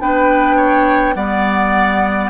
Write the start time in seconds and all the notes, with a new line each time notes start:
0.00 B3 D4 B4 G5
0.57 C#5
1.15 G3 B3 D5 F#5